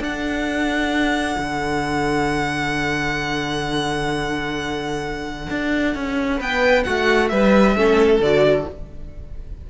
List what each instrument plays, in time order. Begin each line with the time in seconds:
0.00 cello D4, viola D4, violin A4 F#5
1.39 cello D3
5.50 cello D4
5.95 cello C#4
6.38 cello B3, violin B4 G5
6.84 cello A3, violin F#4 F#5
7.29 cello G3, violin B4 E5
7.76 cello A3, viola C#4, violin A4
8.20 cello D3, viola F#4, violin D5